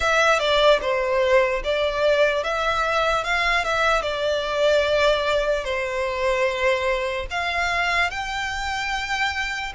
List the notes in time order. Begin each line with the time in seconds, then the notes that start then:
0.00 E5
0.39 D5
0.81 C5
1.64 D5
2.43 E5
3.24 F5
3.64 E5
4.02 D5
5.64 C5
7.30 F5
8.10 G5